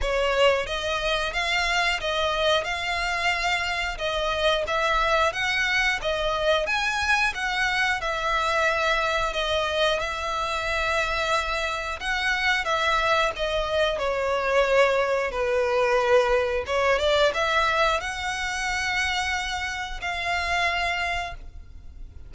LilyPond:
\new Staff \with { instrumentName = "violin" } { \time 4/4 \tempo 4 = 90 cis''4 dis''4 f''4 dis''4 | f''2 dis''4 e''4 | fis''4 dis''4 gis''4 fis''4 | e''2 dis''4 e''4~ |
e''2 fis''4 e''4 | dis''4 cis''2 b'4~ | b'4 cis''8 d''8 e''4 fis''4~ | fis''2 f''2 | }